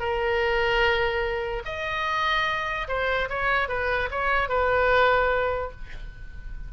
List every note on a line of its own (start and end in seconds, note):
0.00 1.63 A#4
1.65 2.88 D#5
2.88 3.29 C5
3.29 3.69 C#5
3.69 4.09 B4
4.11 4.49 C#5
4.49 5.71 B4